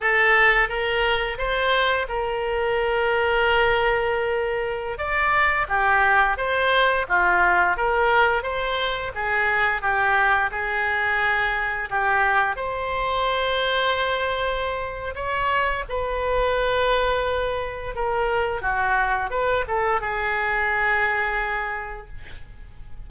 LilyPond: \new Staff \with { instrumentName = "oboe" } { \time 4/4 \tempo 4 = 87 a'4 ais'4 c''4 ais'4~ | ais'2.~ ais'16 d''8.~ | d''16 g'4 c''4 f'4 ais'8.~ | ais'16 c''4 gis'4 g'4 gis'8.~ |
gis'4~ gis'16 g'4 c''4.~ c''16~ | c''2 cis''4 b'4~ | b'2 ais'4 fis'4 | b'8 a'8 gis'2. | }